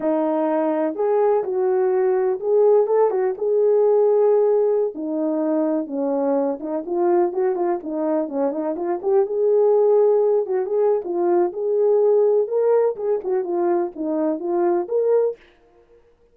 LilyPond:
\new Staff \with { instrumentName = "horn" } { \time 4/4 \tempo 4 = 125 dis'2 gis'4 fis'4~ | fis'4 gis'4 a'8 fis'8 gis'4~ | gis'2~ gis'16 dis'4.~ dis'16~ | dis'16 cis'4. dis'8 f'4 fis'8 f'16~ |
f'16 dis'4 cis'8 dis'8 f'8 g'8 gis'8.~ | gis'4.~ gis'16 fis'8 gis'8. f'4 | gis'2 ais'4 gis'8 fis'8 | f'4 dis'4 f'4 ais'4 | }